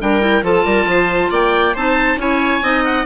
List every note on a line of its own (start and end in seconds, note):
0.00 0.43 G3
0.00 0.20 D4
0.00 0.44 A#4
0.00 0.45 G5
0.20 0.42 E4
0.43 0.64 F3
0.43 1.74 F4
0.43 0.66 A4
0.43 1.33 A5
0.65 0.87 G3
0.65 0.88 A#4
0.87 1.30 F3
0.87 1.31 C5
1.31 1.75 A#3
1.31 1.74 D5
1.31 1.76 G5
1.74 2.17 C4
1.74 2.19 D#4
1.74 2.18 C5
1.74 2.20 A5
2.17 2.60 C#4
2.17 2.62 E4
2.17 2.64 C#5
2.17 2.85 G#5
2.62 3.06 C4
2.62 3.06 D#4
2.62 3.06 D#5
2.85 3.06 F#5